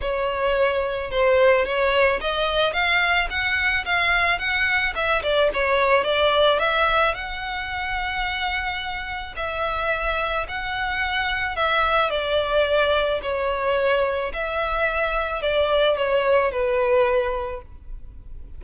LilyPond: \new Staff \with { instrumentName = "violin" } { \time 4/4 \tempo 4 = 109 cis''2 c''4 cis''4 | dis''4 f''4 fis''4 f''4 | fis''4 e''8 d''8 cis''4 d''4 | e''4 fis''2.~ |
fis''4 e''2 fis''4~ | fis''4 e''4 d''2 | cis''2 e''2 | d''4 cis''4 b'2 | }